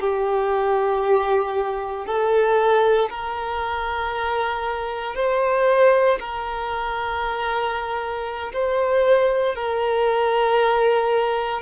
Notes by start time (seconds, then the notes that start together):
0.00 G4
2.06 A4
3.09 A#4
5.15 C5
6.20 A#4
8.53 C5
9.55 A#4